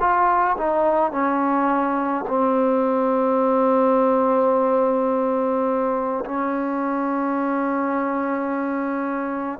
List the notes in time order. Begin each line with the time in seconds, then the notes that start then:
0.00 F4
0.58 D#4
1.12 C#4
2.28 C4
6.25 C#4